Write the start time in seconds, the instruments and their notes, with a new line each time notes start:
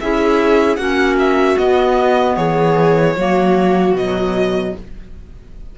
0.00 cello C#4, clarinet E4, viola G#4, violin E5
0.76 cello A#3, clarinet C#4, viola F#4, violin F#5
1.19 violin E5
1.57 clarinet B3, cello B3, violin D#5
2.36 cello E3, viola G#4, violin C#5
3.16 cello F#3, clarinet A#3, viola F#4
3.93 cello B2, clarinet F#3, violin D#5